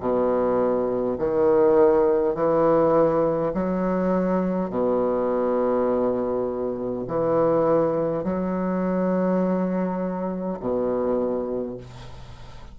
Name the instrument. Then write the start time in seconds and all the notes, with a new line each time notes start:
bassoon
0.00 B2
1.18 D#3
2.35 E3
3.55 F#3
4.71 B2
7.07 E3
8.24 F#3
10.60 B2